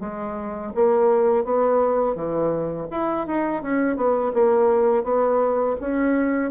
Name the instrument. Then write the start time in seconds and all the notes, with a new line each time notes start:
bassoon
0.00 G#3
0.75 A#3
1.44 B3
2.15 E3
2.91 E4
3.27 D#4
3.62 C#4
3.96 B3
4.33 A#3
5.03 B3
5.80 C#4